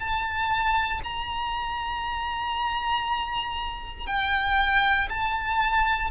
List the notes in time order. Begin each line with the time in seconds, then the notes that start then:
0.00 A5
1.04 A#5
4.07 G5
5.09 A5